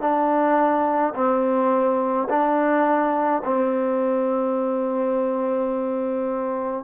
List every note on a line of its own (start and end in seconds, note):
0.00 1.13 D4
1.14 2.27 C4
2.29 3.42 D4
3.44 6.84 C4